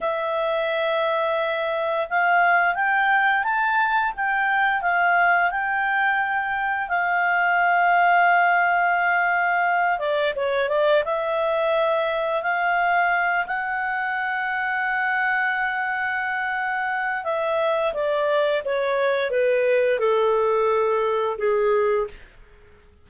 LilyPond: \new Staff \with { instrumentName = "clarinet" } { \time 4/4 \tempo 4 = 87 e''2. f''4 | g''4 a''4 g''4 f''4 | g''2 f''2~ | f''2~ f''8 d''8 cis''8 d''8 |
e''2 f''4. fis''8~ | fis''1~ | fis''4 e''4 d''4 cis''4 | b'4 a'2 gis'4 | }